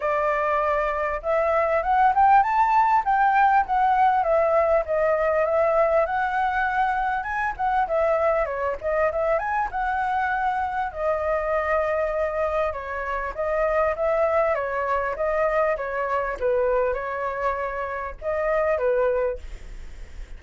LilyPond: \new Staff \with { instrumentName = "flute" } { \time 4/4 \tempo 4 = 99 d''2 e''4 fis''8 g''8 | a''4 g''4 fis''4 e''4 | dis''4 e''4 fis''2 | gis''8 fis''8 e''4 cis''8 dis''8 e''8 gis''8 |
fis''2 dis''2~ | dis''4 cis''4 dis''4 e''4 | cis''4 dis''4 cis''4 b'4 | cis''2 dis''4 b'4 | }